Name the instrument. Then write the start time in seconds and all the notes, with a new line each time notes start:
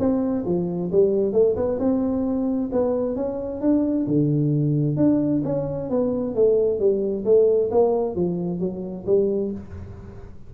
tuba
0.00 C4
0.45 F3
0.92 G3
1.33 A3
1.56 B3
1.79 C4
2.73 B3
3.16 C#4
3.61 D4
4.07 D3
4.97 D4
5.45 C#4
5.90 B3
6.35 A3
6.80 G3
7.25 A3
7.71 A#3
8.15 F3
8.60 F#3
9.06 G3